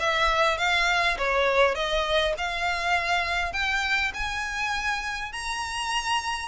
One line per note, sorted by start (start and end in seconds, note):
0.00 0.58 E5
0.58 1.17 F5
1.19 1.75 C#5
1.75 2.34 D#5
2.38 3.53 F5
3.53 4.13 G5
4.14 5.33 G#5
5.33 6.49 A#5